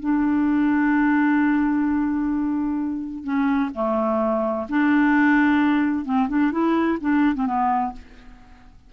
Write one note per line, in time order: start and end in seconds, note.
0.00 3.24 D4
3.24 3.70 C#4
3.75 4.68 A3
4.69 6.05 D4
6.05 6.28 C4
6.29 6.52 D4
6.52 6.99 E4
7.01 7.35 D4
7.35 7.47 C4
7.47 7.93 B3